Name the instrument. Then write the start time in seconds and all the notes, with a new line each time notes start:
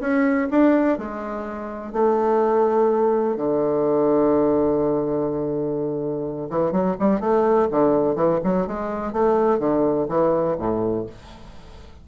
bassoon
0.00 C#4
0.50 D4
0.98 G#3
1.92 A3
3.36 D3
6.49 E3
6.71 F#3
6.99 G3
7.20 A3
7.71 D3
8.15 E3
8.43 F#3
8.67 G#3
9.12 A3
9.59 D3
10.08 E3
10.58 A2